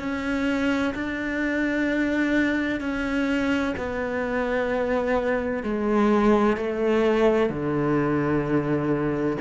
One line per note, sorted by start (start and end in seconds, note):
0.00 0.94 C#4
0.95 2.81 D4
2.81 3.75 C#4
3.78 5.63 B3
5.63 6.57 G#3
6.57 7.50 A3
7.50 9.37 D3